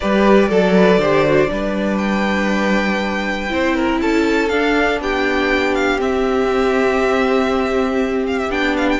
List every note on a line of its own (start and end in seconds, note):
0.00 0.50 G3
0.00 0.51 G4
0.00 0.48 B4
0.00 1.97 D5
0.48 0.97 F#3
0.48 0.73 A4
0.48 1.01 A4
0.76 1.00 B4
0.97 1.47 D3
0.97 1.25 G4
0.97 1.50 C5
1.25 1.46 F#4
1.46 3.51 G3
1.46 3.46 D4
1.46 3.52 B4
1.97 3.97 G5
3.49 4.00 C4
3.49 4.49 E4
3.49 3.75 C5
3.75 4.00 A#4
4.00 4.50 C#4
4.00 5.01 A4
4.00 4.49 A5
4.49 5.00 D4
4.49 5.99 D4
4.49 4.99 F5
5.00 5.99 B3
5.00 8.99 G4
5.00 5.74 G5
5.74 5.99 F5
5.99 8.49 C4
5.99 8.26 E5
8.26 8.38 F5
8.38 8.51 E5
8.49 8.99 B3
8.49 8.99 D4
8.49 8.76 G5
8.76 8.89 F5
8.89 8.99 G5